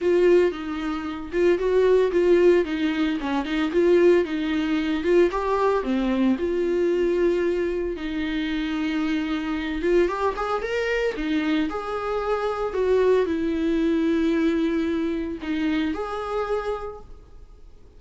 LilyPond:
\new Staff \with { instrumentName = "viola" } { \time 4/4 \tempo 4 = 113 f'4 dis'4. f'8 fis'4 | f'4 dis'4 cis'8 dis'8 f'4 | dis'4. f'8 g'4 c'4 | f'2. dis'4~ |
dis'2~ dis'8 f'8 g'8 gis'8 | ais'4 dis'4 gis'2 | fis'4 e'2.~ | e'4 dis'4 gis'2 | }